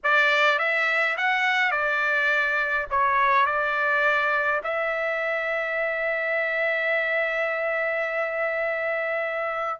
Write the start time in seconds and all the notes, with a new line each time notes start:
0.03 D5
0.58 E5
1.17 F#5
1.71 D5
2.90 C#5
3.46 D5
4.63 E5